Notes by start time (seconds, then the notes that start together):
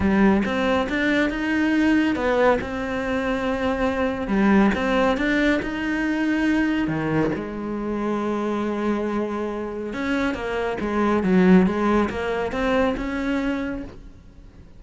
0.00 G3
0.45 C4
0.89 D4
1.29 D#4
2.15 B3
2.61 C4
4.27 G3
4.75 C4
5.17 D4
5.62 D#4
6.87 D#3
7.35 G#3
9.93 C#4
10.34 A#3
10.80 G#3
11.23 F#3
11.66 G#3
12.09 A#3
12.52 C4
12.97 C#4